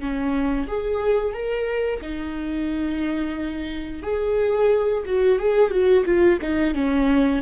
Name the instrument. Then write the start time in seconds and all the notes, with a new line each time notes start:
viola
0.00 C#4
0.68 G#4
1.33 A#4
2.02 D#4
4.03 G#4
5.06 F#4
5.39 G#4
5.71 F#4
6.06 F4
6.42 D#4
6.74 C#4